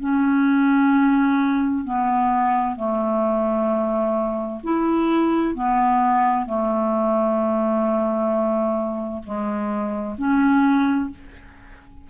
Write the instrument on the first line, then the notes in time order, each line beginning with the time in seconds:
clarinet
0.00 C#4
1.84 B3
2.76 A3
4.63 E4
5.54 B3
6.46 A3
9.23 G#3
10.18 C#4